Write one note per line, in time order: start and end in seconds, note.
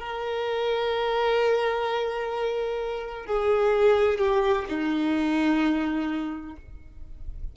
0.00 3.26 A#4
3.26 4.18 G#4
4.18 4.65 G4
4.69 6.56 D#4